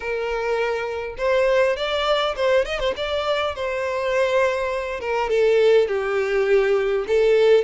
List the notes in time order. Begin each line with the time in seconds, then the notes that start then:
0.00 A#4
1.17 C5
1.76 D5
2.35 C5
2.65 D#5
2.79 C5
2.96 D5
3.55 C5
5.00 A#4
5.29 A4
5.87 G4
7.07 A4